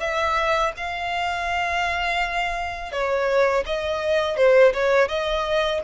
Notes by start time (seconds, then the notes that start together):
0.00 E5
0.77 F5
2.92 C#5
3.66 D#5
4.37 C5
4.73 C#5
5.09 D#5